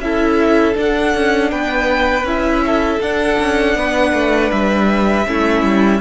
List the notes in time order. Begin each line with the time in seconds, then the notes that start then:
0.00 C#4 E4 A4 E5
0.75 D4 F#5
1.15 C#4
1.52 B3 B4 G5
2.24 C#4 E4 E5
2.67 A4
3.01 D4 F#5
3.40 C#4
3.76 B3 B4
4.14 A3
4.52 G3 E5
5.26 A3 C#4 E4
5.63 G3